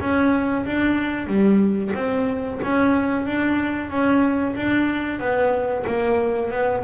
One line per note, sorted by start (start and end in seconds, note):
0.00 0.65 C#4
0.66 1.27 D4
1.27 1.92 G3
1.95 2.60 C4
2.63 3.26 C#4
3.26 3.90 D4
3.90 4.55 C#4
4.56 5.20 D4
5.20 5.85 B3
5.87 6.51 A#3
6.51 6.84 B3